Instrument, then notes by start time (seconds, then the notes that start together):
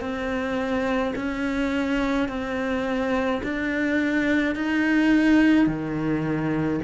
cello
0.00 C4
1.15 C#4
2.28 C4
3.43 D4
4.55 D#4
5.67 D#3